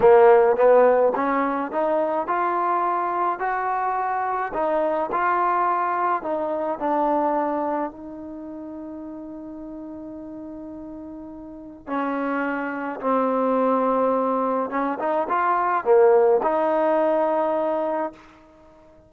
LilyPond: \new Staff \with { instrumentName = "trombone" } { \time 4/4 \tempo 4 = 106 ais4 b4 cis'4 dis'4 | f'2 fis'2 | dis'4 f'2 dis'4 | d'2 dis'2~ |
dis'1~ | dis'4 cis'2 c'4~ | c'2 cis'8 dis'8 f'4 | ais4 dis'2. | }